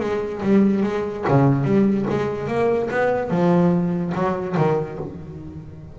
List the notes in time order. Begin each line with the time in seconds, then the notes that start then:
0.00 G#3
0.43 G3
0.83 G#3
1.28 C#3
1.65 G3
2.10 G#3
2.48 A#3
2.91 B3
3.30 F3
4.15 F#3
4.57 D#3